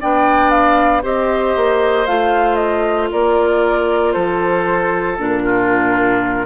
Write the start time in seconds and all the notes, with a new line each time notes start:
0.00 B3 D4 D5 G5
0.50 F5
1.02 C4 G4 C5 D#5
1.56 A#3
2.06 A3 F4 F5
2.55 D#5
3.12 A#3 A#4 D5
4.12 F3 A4 C5
5.18 A#2 D4 A#4
5.44 F4